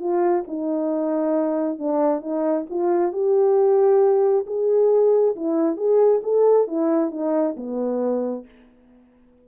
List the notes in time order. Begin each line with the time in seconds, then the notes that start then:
0.00 F4
0.48 D#4
1.79 D4
2.21 D#4
2.70 F4
3.12 G4
4.47 G#4
5.36 E4
5.77 G#4
6.23 A4
6.68 E4
7.11 D#4
7.57 B3